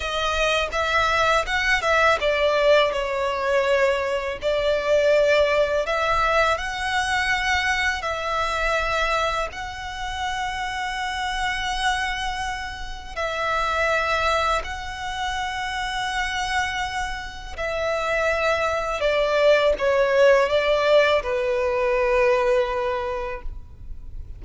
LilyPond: \new Staff \with { instrumentName = "violin" } { \time 4/4 \tempo 4 = 82 dis''4 e''4 fis''8 e''8 d''4 | cis''2 d''2 | e''4 fis''2 e''4~ | e''4 fis''2.~ |
fis''2 e''2 | fis''1 | e''2 d''4 cis''4 | d''4 b'2. | }